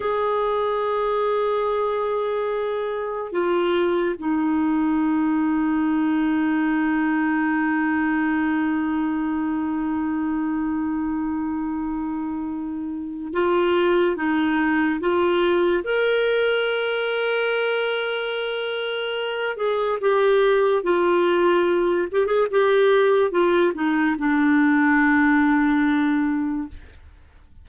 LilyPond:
\new Staff \with { instrumentName = "clarinet" } { \time 4/4 \tempo 4 = 72 gis'1 | f'4 dis'2.~ | dis'1~ | dis'1 |
f'4 dis'4 f'4 ais'4~ | ais'2.~ ais'8 gis'8 | g'4 f'4. g'16 gis'16 g'4 | f'8 dis'8 d'2. | }